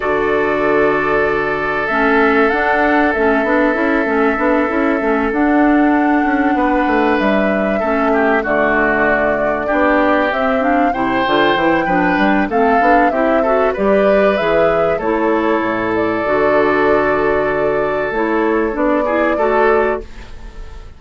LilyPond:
<<
  \new Staff \with { instrumentName = "flute" } { \time 4/4 \tempo 4 = 96 d''2. e''4 | fis''4 e''2.~ | e''8 fis''2. e''8~ | e''4. d''2~ d''8~ |
d''8 e''8 f''8 g''2~ g''8 | f''4 e''4 d''4 e''4 | cis''4. d''2~ d''8~ | d''4 cis''4 d''2 | }
  \new Staff \with { instrumentName = "oboe" } { \time 4/4 a'1~ | a'1~ | a'2~ a'8 b'4.~ | b'8 a'8 g'8 fis'2 g'8~ |
g'4. c''4. b'4 | a'4 g'8 a'8 b'2 | a'1~ | a'2~ a'8 gis'8 a'4 | }
  \new Staff \with { instrumentName = "clarinet" } { \time 4/4 fis'2. cis'4 | d'4 cis'8 d'8 e'8 cis'8 d'8 e'8 | cis'8 d'2.~ d'8~ | d'8 cis'4 a2 d'8~ |
d'8 c'8 d'8 e'8 f'8 e'8 d'4 | c'8 d'8 e'8 fis'8 g'4 gis'4 | e'2 fis'2~ | fis'4 e'4 d'8 e'8 fis'4 | }
  \new Staff \with { instrumentName = "bassoon" } { \time 4/4 d2. a4 | d'4 a8 b8 cis'8 a8 b8 cis'8 | a8 d'4. cis'8 b8 a8 g8~ | g8 a4 d2 b8~ |
b8 c'4 c8 d8 e8 f8 g8 | a8 b8 c'4 g4 e4 | a4 a,4 d2~ | d4 a4 b4 a4 | }
>>